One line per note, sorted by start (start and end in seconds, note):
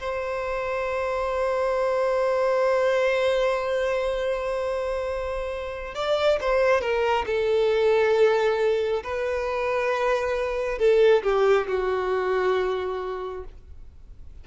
0.00 5.95 C5
5.95 6.39 D5
6.41 6.81 C5
6.81 7.25 A#4
7.27 9.03 A4
9.04 10.79 B4
10.79 11.23 A4
11.23 11.68 G4
11.68 13.44 F#4